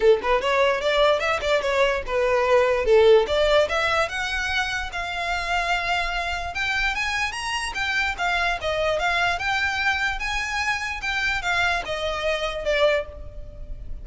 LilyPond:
\new Staff \with { instrumentName = "violin" } { \time 4/4 \tempo 4 = 147 a'8 b'8 cis''4 d''4 e''8 d''8 | cis''4 b'2 a'4 | d''4 e''4 fis''2 | f''1 |
g''4 gis''4 ais''4 g''4 | f''4 dis''4 f''4 g''4~ | g''4 gis''2 g''4 | f''4 dis''2 d''4 | }